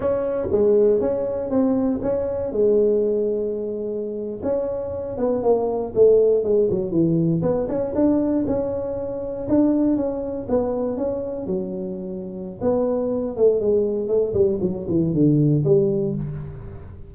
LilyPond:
\new Staff \with { instrumentName = "tuba" } { \time 4/4 \tempo 4 = 119 cis'4 gis4 cis'4 c'4 | cis'4 gis2.~ | gis8. cis'4. b8 ais4 a16~ | a8. gis8 fis8 e4 b8 cis'8 d'16~ |
d'8. cis'2 d'4 cis'16~ | cis'8. b4 cis'4 fis4~ fis16~ | fis4 b4. a8 gis4 | a8 g8 fis8 e8 d4 g4 | }